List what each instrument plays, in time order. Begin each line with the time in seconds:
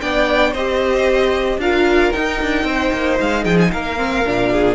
0.00 cello B3, viola D4, violin D5 G5
0.51 cello C4, viola G4, violin C5 D#5
1.57 cello D4, viola F4, violin A#4 F5
2.12 viola D#4, cello D#4, violin G5
2.42 cello D4
2.63 cello C4, violin C5
2.93 cello A#3
3.20 cello G#3, violin F5
3.43 cello F3, violin G#4 G5
3.60 violin G#5
3.71 cello A#3, violin A#4 F5
3.97 viola C4
4.25 cello A#2, viola D4
4.51 violin G#4